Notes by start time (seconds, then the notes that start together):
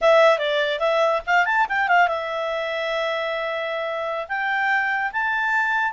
0.01 E5
0.38 D5
0.79 E5
1.26 F5
1.45 A5
1.68 G5
1.87 F5
2.08 E5
4.28 G5
5.12 A5